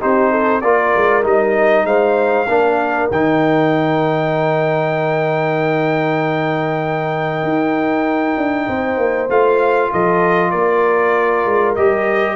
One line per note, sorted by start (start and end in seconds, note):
0.00 0.62 C4
0.00 0.62 D#4
0.00 0.31 G4
0.00 0.61 C5
0.31 0.61 A4
0.61 0.93 A#3
0.61 1.23 F4
0.61 1.86 A#4
0.61 1.23 D5
0.96 1.24 G#3
1.23 1.84 G3
1.23 2.46 D#4
1.23 1.86 D#5
1.84 2.46 G#3
1.84 2.48 C5
1.84 3.10 F5
2.48 3.10 A#3
2.48 3.11 D4
2.48 8.67 A#4
3.11 7.43 D#3
3.11 9.30 D#4
3.11 9.30 G5
7.43 8.36 D#4
8.37 8.68 D4
8.68 8.97 C4
8.68 9.91 C5
8.97 9.28 A#3
9.29 9.91 A3
9.29 11.77 F4
9.29 9.92 F5
9.91 10.53 F3
9.91 10.50 A4
9.91 10.51 D#5
10.50 11.45 A#3
10.50 12.36 A#4
10.50 11.74 D5
11.45 11.76 G#3
11.75 12.36 G3
11.75 12.36 G4
11.75 12.36 D#5